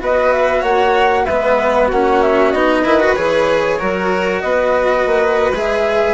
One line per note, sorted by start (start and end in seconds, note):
0.00 0.63 B3
0.00 1.26 F#4
0.00 0.61 B4
0.00 0.33 D#5
0.33 0.63 E5
0.61 1.26 A#3
0.61 1.24 C#5
0.61 1.26 F#5
1.26 1.91 G#3
1.26 1.93 B3
1.26 1.87 B4
1.26 1.89 E5
1.87 2.53 A#3
1.87 2.55 C#4
1.87 2.82 F#4
1.87 2.22 F#5
2.22 2.51 E5
2.51 2.85 B3
2.51 2.85 D#4
2.51 3.15 D#5
2.82 3.16 D#3
2.82 3.01 E4
2.82 3.77 B4
3.01 3.16 F#4
3.15 3.81 E3
3.15 3.80 G#4
3.15 4.41 C#5
3.79 4.43 F#3
3.79 5.53 F#4
3.79 4.42 A#4
4.41 5.06 B3
4.41 6.14 B4
4.41 5.51 D#5
5.06 5.51 A#3
5.51 6.14 G#3
5.51 6.14 G#4
5.51 6.14 E5